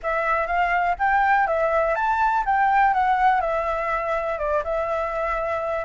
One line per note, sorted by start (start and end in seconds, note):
0.02 0.47 E5
0.47 0.95 F5
0.98 1.47 G5
1.47 1.95 E5
1.95 2.44 A5
2.45 2.93 G5
2.93 3.41 F#5
3.41 4.38 E5
4.38 4.63 D5
4.64 5.85 E5